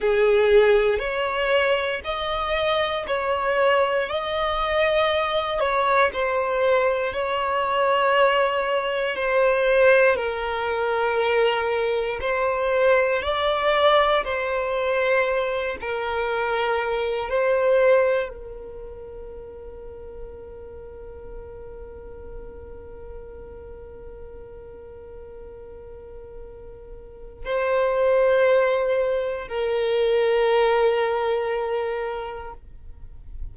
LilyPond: \new Staff \with { instrumentName = "violin" } { \time 4/4 \tempo 4 = 59 gis'4 cis''4 dis''4 cis''4 | dis''4. cis''8 c''4 cis''4~ | cis''4 c''4 ais'2 | c''4 d''4 c''4. ais'8~ |
ais'4 c''4 ais'2~ | ais'1~ | ais'2. c''4~ | c''4 ais'2. | }